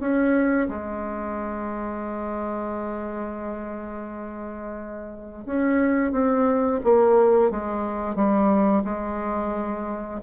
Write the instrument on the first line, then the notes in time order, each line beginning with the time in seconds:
bassoon
0.00 C#4
0.68 G#3
5.46 C#4
6.12 C4
6.84 A#3
7.51 G#3
8.16 G3
8.85 G#3